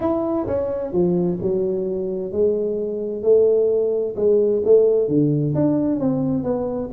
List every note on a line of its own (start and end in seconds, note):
0.00 0.46 E4
0.47 0.92 C#4
0.92 1.38 F3
1.41 2.32 F#3
2.32 3.23 G#3
3.23 4.15 A3
4.16 4.62 G#3
4.64 5.08 A3
5.08 5.54 D3
5.54 5.99 D4
5.99 6.43 C4
6.43 6.89 B3